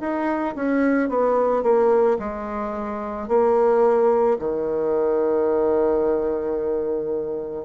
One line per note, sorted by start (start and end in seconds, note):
0.00 0.55 D#4
0.55 1.09 C#4
1.09 1.63 B3
1.63 2.17 A#3
2.19 3.28 G#3
3.28 4.37 A#3
4.39 7.65 D#3